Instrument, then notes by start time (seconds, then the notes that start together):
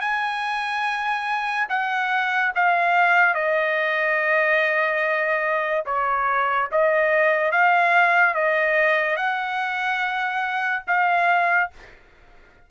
trumpet
0.00 G#5
1.69 F#5
2.55 F5
3.34 D#5
5.86 C#5
6.71 D#5
7.52 F5
8.34 D#5
9.16 F#5
10.87 F5